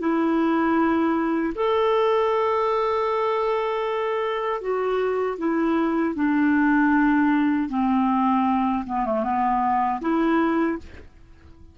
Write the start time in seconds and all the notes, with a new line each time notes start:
0.00 E4
1.56 A4
4.62 F#4
5.38 E4
6.15 D4
7.70 C4
8.87 B3
9.06 A3
9.24 B3
10.01 E4